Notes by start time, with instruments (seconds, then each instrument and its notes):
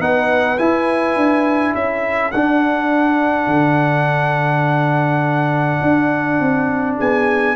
0.00 tuba B3, trombone D#4, horn B4, trumpet F#5
0.58 trombone E4, tuba E4, trumpet G#5
1.16 tuba D4
1.75 tuba C#4, horn A4, trumpet E5
2.32 tuba D4, trombone D4, trumpet F#5
3.47 tuba D3
5.82 tuba D4
6.40 tuba C4
6.98 tuba B3, horn G#4, trumpet G#5